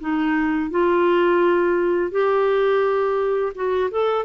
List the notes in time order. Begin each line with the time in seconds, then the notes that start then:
0.00 D#4
0.71 F4
2.11 G4
3.55 F#4
3.91 A4